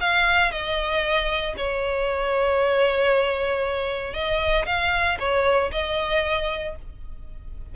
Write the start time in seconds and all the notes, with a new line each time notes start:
0.00 F5
0.51 D#5
1.57 C#5
4.14 D#5
4.66 F5
5.19 C#5
5.72 D#5